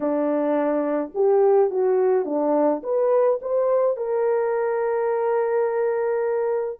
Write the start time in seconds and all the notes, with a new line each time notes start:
0.00 D4
1.14 G4
1.70 F#4
2.25 D4
2.83 B4
3.41 C5
3.96 A#4